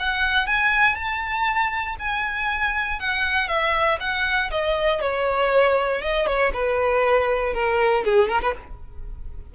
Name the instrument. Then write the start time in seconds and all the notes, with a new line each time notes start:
violin
0.00 F#5
0.47 G#5
0.96 A5
2.00 G#5
3.00 F#5
3.48 E5
4.00 F#5
4.51 D#5
5.01 C#5
6.02 D#5
6.27 C#5
6.53 B4
7.54 A#4
8.05 G#4
8.29 A#4
8.42 B4